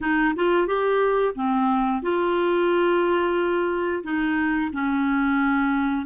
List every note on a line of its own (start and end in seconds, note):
0.00 0.34 D#4
0.36 0.67 F4
0.67 1.34 G4
1.35 2.02 C4
2.02 4.03 F4
4.03 4.70 D#4
4.72 6.06 C#4